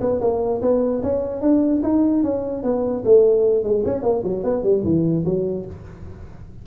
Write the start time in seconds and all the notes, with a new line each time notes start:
0.00 B3
0.21 A#3
0.61 B3
1.03 C#4
1.41 D4
1.82 D#4
2.23 C#4
2.63 B3
3.04 A3
3.63 G#3
3.85 C#4
4.02 A#3
4.23 F#3
4.43 B3
4.63 G3
4.84 E3
5.25 F#3